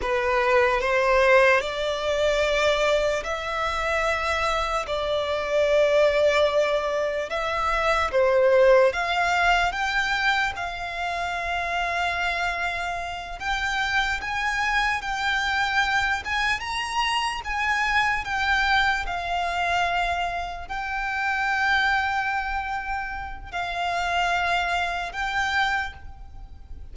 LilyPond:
\new Staff \with { instrumentName = "violin" } { \time 4/4 \tempo 4 = 74 b'4 c''4 d''2 | e''2 d''2~ | d''4 e''4 c''4 f''4 | g''4 f''2.~ |
f''8 g''4 gis''4 g''4. | gis''8 ais''4 gis''4 g''4 f''8~ | f''4. g''2~ g''8~ | g''4 f''2 g''4 | }